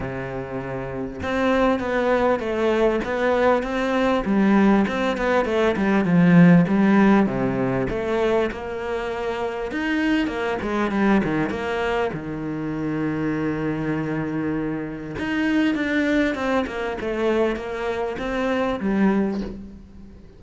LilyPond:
\new Staff \with { instrumentName = "cello" } { \time 4/4 \tempo 4 = 99 c2 c'4 b4 | a4 b4 c'4 g4 | c'8 b8 a8 g8 f4 g4 | c4 a4 ais2 |
dis'4 ais8 gis8 g8 dis8 ais4 | dis1~ | dis4 dis'4 d'4 c'8 ais8 | a4 ais4 c'4 g4 | }